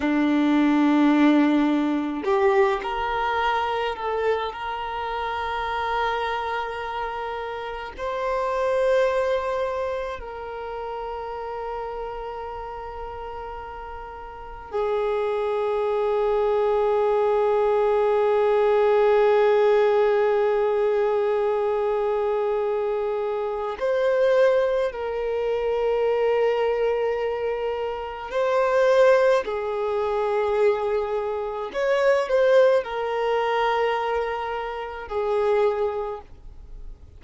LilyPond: \new Staff \with { instrumentName = "violin" } { \time 4/4 \tempo 4 = 53 d'2 g'8 ais'4 a'8 | ais'2. c''4~ | c''4 ais'2.~ | ais'4 gis'2.~ |
gis'1~ | gis'4 c''4 ais'2~ | ais'4 c''4 gis'2 | cis''8 c''8 ais'2 gis'4 | }